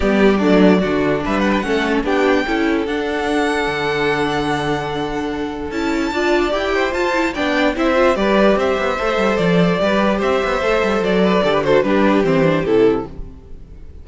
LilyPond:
<<
  \new Staff \with { instrumentName = "violin" } { \time 4/4 \tempo 4 = 147 d''2. e''8 fis''16 g''16 | fis''4 g''2 fis''4~ | fis''1~ | fis''2 a''2 |
g''4 a''4 g''4 e''4 | d''4 e''2 d''4~ | d''4 e''2 d''4~ | d''8 c''8 b'4 c''4 a'4 | }
  \new Staff \with { instrumentName = "violin" } { \time 4/4 g'4 d'4 fis'4 b'4 | a'4 g'4 a'2~ | a'1~ | a'2. d''4~ |
d''8 c''4. d''4 c''4 | b'4 c''2. | b'4 c''2~ c''8 b'8 | a'16 b'16 a'8 g'2. | }
  \new Staff \with { instrumentName = "viola" } { \time 4/4 b4 a4 d'2 | cis'4 d'4 e'4 d'4~ | d'1~ | d'2 e'4 f'4 |
g'4 f'8 e'8 d'4 e'8 f'8 | g'2 a'2 | g'2 a'2 | g'8 fis'8 d'4 c'8 d'8 e'4 | }
  \new Staff \with { instrumentName = "cello" } { \time 4/4 g4 fis4 d4 g4 | a4 b4 cis'4 d'4~ | d'4 d2.~ | d2 cis'4 d'4 |
e'4 f'4 b4 c'4 | g4 c'8 b8 a8 g8 f4 | g4 c'8 b8 a8 g8 fis4 | d4 g4 e4 c4 | }
>>